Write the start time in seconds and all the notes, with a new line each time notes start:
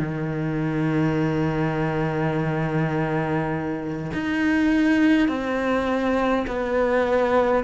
0.00 D#3
4.14 D#4
5.29 C4
6.47 B3